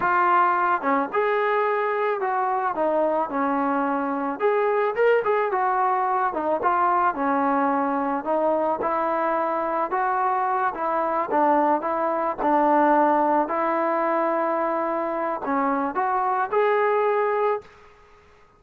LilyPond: \new Staff \with { instrumentName = "trombone" } { \time 4/4 \tempo 4 = 109 f'4. cis'8 gis'2 | fis'4 dis'4 cis'2 | gis'4 ais'8 gis'8 fis'4. dis'8 | f'4 cis'2 dis'4 |
e'2 fis'4. e'8~ | e'8 d'4 e'4 d'4.~ | d'8 e'2.~ e'8 | cis'4 fis'4 gis'2 | }